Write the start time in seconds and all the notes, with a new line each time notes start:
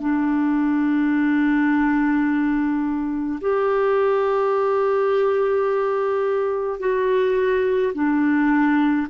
0.00 D4
3.41 G4
6.80 F#4
7.95 D4